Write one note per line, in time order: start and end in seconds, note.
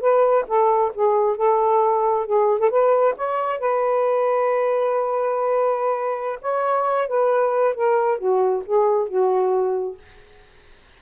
0.00 0.45 B4
0.47 0.92 A4
0.95 1.36 G#4
1.36 2.26 A4
2.26 2.59 G#4
2.60 2.70 A4
2.70 3.14 B4
3.16 3.59 C#5
3.59 6.39 B4
6.41 7.08 C#5
7.08 7.74 B4
7.74 8.18 A#4
8.18 8.63 F#4
8.66 9.08 G#4
9.08 9.97 F#4